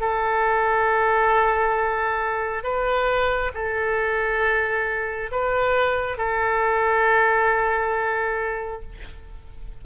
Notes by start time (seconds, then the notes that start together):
0.00 A4
2.63 B4
3.54 A4
5.31 B4
6.17 A4